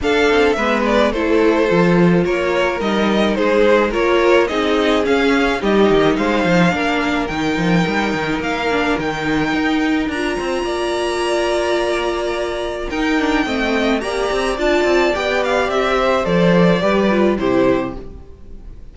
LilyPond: <<
  \new Staff \with { instrumentName = "violin" } { \time 4/4 \tempo 4 = 107 f''4 e''8 d''8 c''2 | cis''4 dis''4 c''4 cis''4 | dis''4 f''4 dis''4 f''4~ | f''4 g''2 f''4 |
g''2 ais''2~ | ais''2. g''4~ | g''4 ais''4 a''4 g''8 f''8 | e''4 d''2 c''4 | }
  \new Staff \with { instrumentName = "violin" } { \time 4/4 a'4 b'4 a'2 | ais'2 gis'4 ais'4 | gis'2 g'4 c''4 | ais'1~ |
ais'2~ ais'8 c''8 d''4~ | d''2. ais'4 | dis''4 d''2.~ | d''8 c''4. b'4 g'4 | }
  \new Staff \with { instrumentName = "viola" } { \time 4/4 d'4 b4 e'4 f'4~ | f'4 dis'2 f'4 | dis'4 cis'4 dis'2 | d'4 dis'2~ dis'8 d'8 |
dis'2 f'2~ | f'2. dis'8 d'8 | c'4 g'4 f'4 g'4~ | g'4 a'4 g'8 f'8 e'4 | }
  \new Staff \with { instrumentName = "cello" } { \time 4/4 d'8 c'8 gis4 a4 f4 | ais4 g4 gis4 ais4 | c'4 cis'4 g8 dis8 gis8 f8 | ais4 dis8 f8 g8 dis8 ais4 |
dis4 dis'4 d'8 c'8 ais4~ | ais2. dis'4 | a4 ais8 c'8 d'8 c'8 b4 | c'4 f4 g4 c4 | }
>>